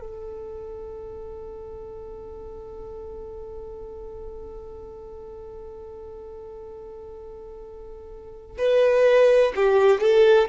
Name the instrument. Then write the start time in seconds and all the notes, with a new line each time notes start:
violin
0.00 A4
8.58 B4
9.55 G4
10.01 A4